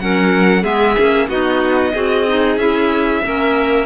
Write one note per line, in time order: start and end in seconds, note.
0.00 0.64 F#3
0.00 0.63 C#4
0.00 0.62 A#4
0.00 0.64 F#5
0.62 0.96 G#3
0.62 0.95 B3
0.62 1.27 G#4
0.62 1.28 E5
0.97 1.29 A#3
0.97 1.29 C#4
1.28 1.93 B3
1.28 1.94 D#4
1.28 1.93 F#4
1.28 2.58 D#5
1.93 2.57 C4
1.93 2.26 F#4
1.93 3.22 G#4
2.27 2.59 D#4
2.57 3.21 C#4
2.57 3.23 E4
2.57 3.86 E5
3.24 3.86 A#3
3.24 3.86 C#4
3.24 3.86 A#4